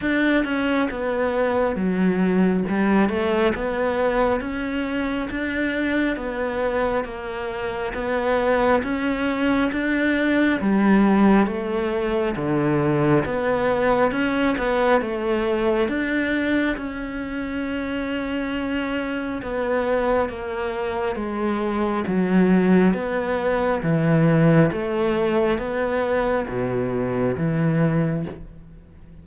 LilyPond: \new Staff \with { instrumentName = "cello" } { \time 4/4 \tempo 4 = 68 d'8 cis'8 b4 fis4 g8 a8 | b4 cis'4 d'4 b4 | ais4 b4 cis'4 d'4 | g4 a4 d4 b4 |
cis'8 b8 a4 d'4 cis'4~ | cis'2 b4 ais4 | gis4 fis4 b4 e4 | a4 b4 b,4 e4 | }